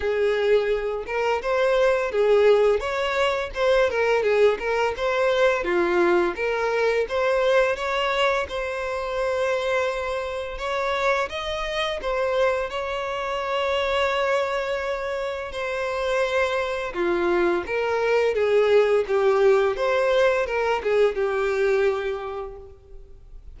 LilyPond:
\new Staff \with { instrumentName = "violin" } { \time 4/4 \tempo 4 = 85 gis'4. ais'8 c''4 gis'4 | cis''4 c''8 ais'8 gis'8 ais'8 c''4 | f'4 ais'4 c''4 cis''4 | c''2. cis''4 |
dis''4 c''4 cis''2~ | cis''2 c''2 | f'4 ais'4 gis'4 g'4 | c''4 ais'8 gis'8 g'2 | }